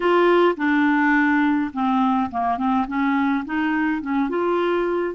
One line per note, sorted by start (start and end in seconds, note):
0.00 0.55 F4
0.57 1.71 D4
1.73 2.30 C4
2.30 2.57 A#3
2.57 2.86 C4
2.87 3.44 C#4
3.45 4.01 D#4
4.01 4.29 C#4
4.29 5.14 F4